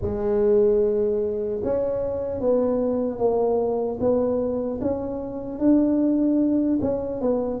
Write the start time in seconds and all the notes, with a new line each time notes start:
0.01 G#3
1.63 C#4
2.40 B3
3.18 A#3
4.00 B3
4.81 C#4
5.59 D4
6.81 C#4
7.21 B3